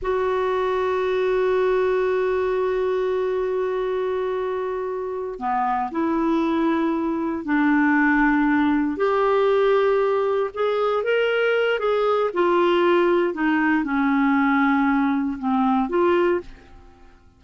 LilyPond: \new Staff \with { instrumentName = "clarinet" } { \time 4/4 \tempo 4 = 117 fis'1~ | fis'1~ | fis'2~ fis'8 b4 e'8~ | e'2~ e'8 d'4.~ |
d'4. g'2~ g'8~ | g'8 gis'4 ais'4. gis'4 | f'2 dis'4 cis'4~ | cis'2 c'4 f'4 | }